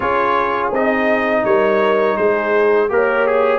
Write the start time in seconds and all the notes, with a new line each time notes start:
0.00 C#4 F4 G#4 C#5
0.71 C4 D#4 D#5
1.45 G3 A#4 C#5
2.16 G#3 G#4 C5
2.88 A#3 G4 A#4 C#5
3.26 G#4